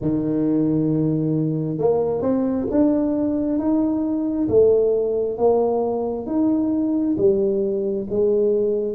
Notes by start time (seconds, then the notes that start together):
0.01 D#3
1.77 A#3
2.21 C4
2.71 D4
3.58 D#4
4.48 A3
5.37 A#3
6.26 D#4
7.17 G3
8.09 G#3